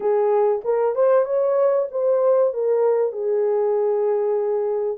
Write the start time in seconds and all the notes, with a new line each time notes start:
0.00 G#4
0.64 A#4
0.95 C5
1.25 C#5
1.91 C5
2.53 A#4
3.12 G#4